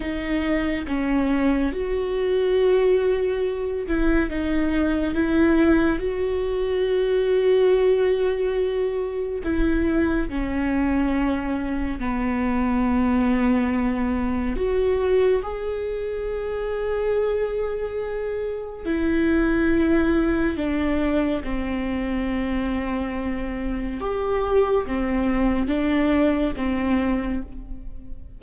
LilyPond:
\new Staff \with { instrumentName = "viola" } { \time 4/4 \tempo 4 = 70 dis'4 cis'4 fis'2~ | fis'8 e'8 dis'4 e'4 fis'4~ | fis'2. e'4 | cis'2 b2~ |
b4 fis'4 gis'2~ | gis'2 e'2 | d'4 c'2. | g'4 c'4 d'4 c'4 | }